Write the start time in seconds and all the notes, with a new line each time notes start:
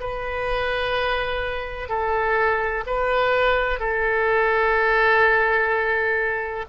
0.00 B4
1.88 A4
2.86 B4
3.79 A4